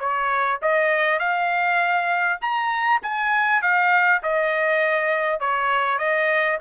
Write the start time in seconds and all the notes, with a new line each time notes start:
0.00 C#5
0.62 D#5
1.19 F5
2.41 A#5
3.02 G#5
3.62 F5
4.23 D#5
5.40 C#5
5.99 D#5